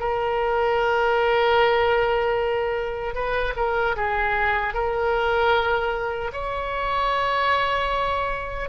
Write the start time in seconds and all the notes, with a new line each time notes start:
0.00 A#4
3.15 B4
3.57 A#4
3.96 G#4
4.74 A#4
6.33 C#5